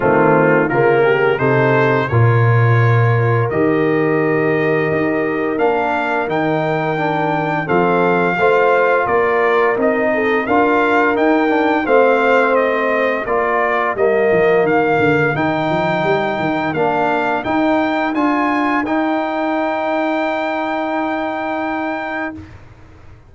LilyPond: <<
  \new Staff \with { instrumentName = "trumpet" } { \time 4/4 \tempo 4 = 86 f'4 ais'4 c''4 cis''4~ | cis''4 dis''2. | f''4 g''2 f''4~ | f''4 d''4 dis''4 f''4 |
g''4 f''4 dis''4 d''4 | dis''4 f''4 g''2 | f''4 g''4 gis''4 g''4~ | g''1 | }
  \new Staff \with { instrumentName = "horn" } { \time 4/4 c'4 f'8 g'8 a'4 ais'4~ | ais'1~ | ais'2. a'4 | c''4 ais'4. a'8 ais'4~ |
ais'4 c''2 ais'4~ | ais'1~ | ais'1~ | ais'1 | }
  \new Staff \with { instrumentName = "trombone" } { \time 4/4 a4 ais4 dis'4 f'4~ | f'4 g'2. | d'4 dis'4 d'4 c'4 | f'2 dis'4 f'4 |
dis'8 d'8 c'2 f'4 | ais2 dis'2 | d'4 dis'4 f'4 dis'4~ | dis'1 | }
  \new Staff \with { instrumentName = "tuba" } { \time 4/4 dis4 cis4 c4 ais,4~ | ais,4 dis2 dis'4 | ais4 dis2 f4 | a4 ais4 c'4 d'4 |
dis'4 a2 ais4 | g8 f8 dis8 d8 dis8 f8 g8 dis8 | ais4 dis'4 d'4 dis'4~ | dis'1 | }
>>